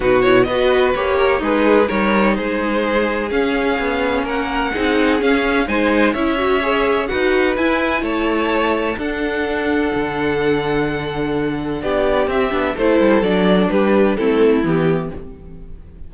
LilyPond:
<<
  \new Staff \with { instrumentName = "violin" } { \time 4/4 \tempo 4 = 127 b'8 cis''8 dis''4 cis''4 b'4 | cis''4 c''2 f''4~ | f''4 fis''2 f''4 | gis''4 e''2 fis''4 |
gis''4 a''2 fis''4~ | fis''1~ | fis''4 d''4 e''4 c''4 | d''4 b'4 a'4 g'4 | }
  \new Staff \with { instrumentName = "violin" } { \time 4/4 fis'4 b'4. ais'8 dis'4 | ais'4 gis'2.~ | gis'4 ais'4 gis'2 | c''4 cis''2 b'4~ |
b'4 cis''2 a'4~ | a'1~ | a'4 g'2 a'4~ | a'4 g'4 e'2 | }
  \new Staff \with { instrumentName = "viola" } { \time 4/4 dis'8 e'8 fis'4 g'4 gis'4 | dis'2. cis'4~ | cis'2 dis'4 cis'4 | dis'4 e'8 fis'8 gis'4 fis'4 |
e'2. d'4~ | d'1~ | d'2 c'8 d'8 e'4 | d'2 c'4 b4 | }
  \new Staff \with { instrumentName = "cello" } { \time 4/4 b,4 b4 ais4 gis4 | g4 gis2 cis'4 | b4 ais4 c'4 cis'4 | gis4 cis'2 dis'4 |
e'4 a2 d'4~ | d'4 d2.~ | d4 b4 c'8 b8 a8 g8 | fis4 g4 a4 e4 | }
>>